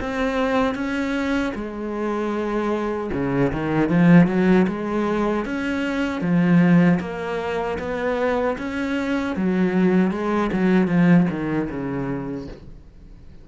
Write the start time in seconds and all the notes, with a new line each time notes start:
0.00 C4
0.75 C#4
1.54 G#3
3.13 C#3
3.52 D#3
3.89 F3
4.27 F#3
4.68 G#3
5.45 C#4
6.21 F3
7.00 A#3
7.79 B3
8.58 C#4
9.36 F#3
10.11 G#3
10.52 F#3
10.87 F3
11.30 D#3
11.70 C#3